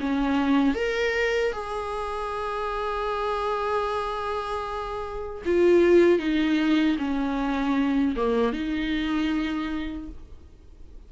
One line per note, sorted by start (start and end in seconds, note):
0.00 0.74 C#4
0.74 1.52 A#4
1.52 5.42 G#4
5.45 6.18 F4
6.18 6.96 D#4
6.98 8.15 C#4
8.16 8.52 A#3
8.52 10.08 D#4